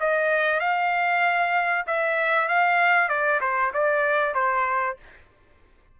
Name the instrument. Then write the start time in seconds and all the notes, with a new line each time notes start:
trumpet
0.00 D#5
0.60 F5
1.87 E5
2.48 F5
3.09 D5
3.41 C5
3.74 D5
4.34 C5